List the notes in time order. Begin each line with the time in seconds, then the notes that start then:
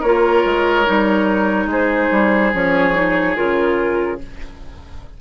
0.00 A#3 F4 A#4 C#5
0.45 G#3
0.86 G3 D#4
1.66 G#3 G#4 C5
2.12 G3
2.53 F3 C#4 C#5
2.94 D#4
3.35 C#3 F4 A#4